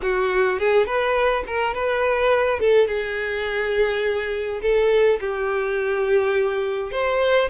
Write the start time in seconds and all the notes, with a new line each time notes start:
0.02 F#4
0.59 G#4
0.85 B4
1.46 A#4
1.74 B4
2.59 A4
2.87 G#4
4.62 A4
5.20 G4
6.91 C5